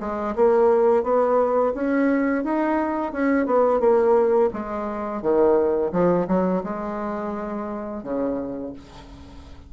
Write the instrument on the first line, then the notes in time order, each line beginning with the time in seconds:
bassoon
0.00 G#3
0.36 A#3
1.04 B3
1.75 C#4
2.44 D#4
3.13 C#4
3.46 B3
3.80 A#3
4.53 G#3
5.22 D#3
5.92 F3
6.28 F#3
6.64 G#3
8.04 C#3